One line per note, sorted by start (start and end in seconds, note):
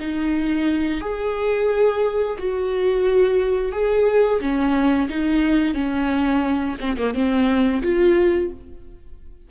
0.00 1.01 D#4
1.01 2.38 G#4
2.39 3.72 F#4
3.72 4.40 G#4
4.41 5.09 C#4
5.10 5.75 D#4
5.75 6.77 C#4
6.80 6.97 C4
6.98 7.14 A#3
7.14 7.83 C4
7.83 8.51 F4